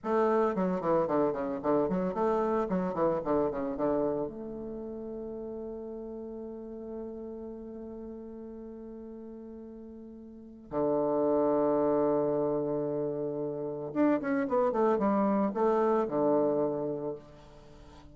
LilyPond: \new Staff \with { instrumentName = "bassoon" } { \time 4/4 \tempo 4 = 112 a4 fis8 e8 d8 cis8 d8 fis8 | a4 fis8 e8 d8 cis8 d4 | a1~ | a1~ |
a1 | d1~ | d2 d'8 cis'8 b8 a8 | g4 a4 d2 | }